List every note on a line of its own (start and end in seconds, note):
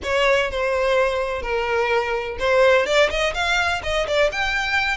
0.03 0.50 C#5
0.50 1.42 C5
1.42 2.37 A#4
2.39 2.85 C5
2.85 3.09 D5
3.10 3.33 D#5
3.33 3.81 F5
3.83 4.06 D#5
4.07 4.31 D5
4.32 4.97 G5